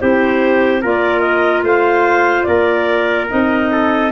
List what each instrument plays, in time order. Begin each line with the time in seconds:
0.00 tuba C4, clarinet E4 C5, trumpet G4
0.82 tuba A#3, clarinet F4 D5, trumpet A#4
1.20 clarinet D#5
1.62 tuba A3, trumpet C5, clarinet F5
2.43 tuba A#3, trumpet A#4, clarinet D5
3.29 tuba C4, clarinet D#4 D#5
3.72 trumpet A4